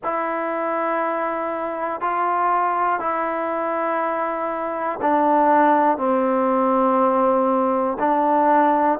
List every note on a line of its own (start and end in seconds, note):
0.03 2.00 E4
2.00 2.99 F4
2.99 4.99 E4
5.01 5.97 D4
5.97 7.97 C4
7.99 8.99 D4